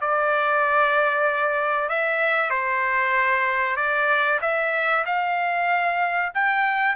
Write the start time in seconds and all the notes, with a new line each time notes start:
0.00 D5
1.89 E5
2.50 C5
3.76 D5
4.41 E5
5.05 F5
6.34 G5